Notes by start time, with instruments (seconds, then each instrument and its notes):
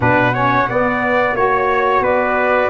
0.00 tuba B2, saxophone D4, trumpet B4, flute F#5
0.34 saxophone C#4, trumpet C#5
0.68 saxophone B3, tuba B3, trumpet D5
1.33 tuba A#3, saxophone F#4, flute C#5, trumpet C#5
2.00 tuba B3, trumpet B4, flute D5